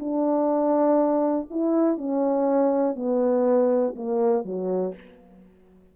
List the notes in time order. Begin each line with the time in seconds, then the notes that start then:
0.00 D4
1.51 E4
1.98 C#4
2.96 B3
3.96 A#3
4.45 F#3